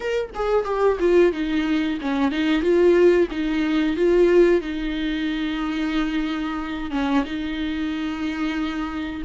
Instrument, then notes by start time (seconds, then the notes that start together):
viola
0.00 A#4
0.34 G#4
0.64 G4
0.99 F4
1.32 D#4
2.01 C#4
2.31 D#4
2.62 F4
3.31 D#4
3.96 F4
4.61 D#4
6.91 C#4
7.24 D#4